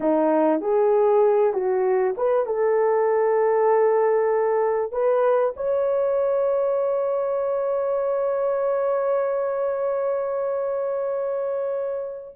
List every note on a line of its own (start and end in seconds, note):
0.00 0.60 D#4
0.60 1.53 G#4
1.53 2.15 F#4
2.17 2.46 B4
2.46 4.92 A4
4.92 5.54 B4
5.56 12.36 C#5